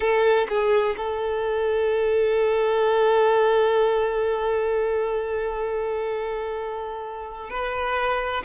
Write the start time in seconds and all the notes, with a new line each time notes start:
0.00 A4
0.48 G#4
0.97 A4
7.49 B4